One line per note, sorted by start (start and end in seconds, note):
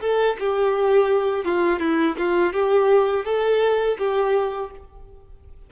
0.00 0.36 A4
0.39 1.44 G4
1.44 1.79 F4
1.79 2.15 E4
2.17 2.53 F4
2.53 3.25 G4
3.25 3.97 A4
3.98 4.70 G4